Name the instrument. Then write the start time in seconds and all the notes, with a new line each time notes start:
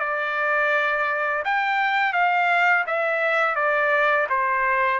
trumpet
0.00 D5
1.45 G5
2.13 F5
2.86 E5
3.56 D5
4.29 C5